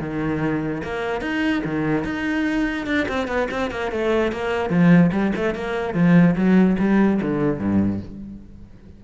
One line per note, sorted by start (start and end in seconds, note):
0.00 0.82 D#3
0.83 1.21 A#3
1.21 1.62 D#4
1.65 2.04 D#3
2.04 2.86 D#4
2.86 3.07 D4
3.08 3.27 C4
3.27 3.48 B3
3.51 3.71 C4
3.71 3.91 A#3
3.92 4.32 A3
4.32 4.69 A#3
4.69 5.11 F3
5.12 5.32 G3
5.36 5.55 A3
5.55 5.94 A#3
5.94 6.35 F3
6.35 6.76 F#3
6.79 7.20 G3
7.21 7.59 D3
7.59 8.00 G2